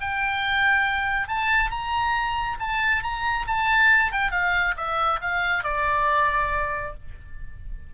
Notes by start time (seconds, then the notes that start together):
0.00 G5
1.28 A5
1.71 A#5
2.59 A5
3.03 A#5
3.47 A5
4.12 G5
4.31 F5
4.76 E5
5.21 F5
5.63 D5